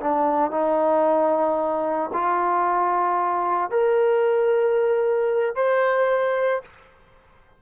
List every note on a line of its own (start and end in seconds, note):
0.00 0.51 D4
0.51 2.10 D#4
2.13 3.70 F4
3.70 5.56 A#4
5.56 6.62 C5